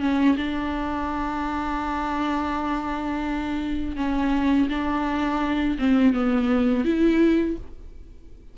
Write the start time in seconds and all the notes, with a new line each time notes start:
0.00 C#4
0.36 D4
3.96 C#4
4.69 D4
5.78 C4
6.14 B3
6.84 E4